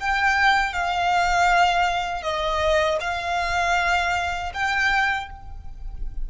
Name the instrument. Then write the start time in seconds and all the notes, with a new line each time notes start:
violin
0.00 G5
0.73 F5
2.22 D#5
3.00 F5
4.53 G5